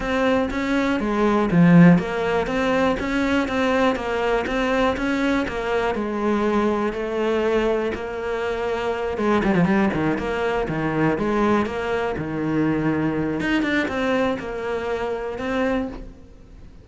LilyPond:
\new Staff \with { instrumentName = "cello" } { \time 4/4 \tempo 4 = 121 c'4 cis'4 gis4 f4 | ais4 c'4 cis'4 c'4 | ais4 c'4 cis'4 ais4 | gis2 a2 |
ais2~ ais8 gis8 g16 f16 g8 | dis8 ais4 dis4 gis4 ais8~ | ais8 dis2~ dis8 dis'8 d'8 | c'4 ais2 c'4 | }